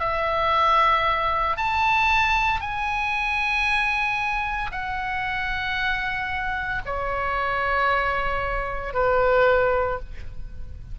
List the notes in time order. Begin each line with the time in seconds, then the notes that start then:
0.00 E5
1.57 A5
2.60 G#5
4.72 F#5
6.86 C#5
8.94 B4